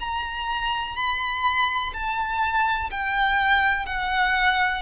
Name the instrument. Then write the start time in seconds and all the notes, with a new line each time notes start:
violin
0.00 A#5
0.97 B5
1.94 A5
2.91 G5
3.86 F#5